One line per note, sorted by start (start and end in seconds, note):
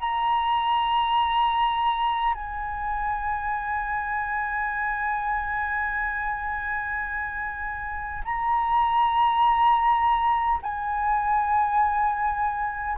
0.00 2.34 A#5
2.34 8.22 G#5
8.25 10.60 A#5
10.63 12.98 G#5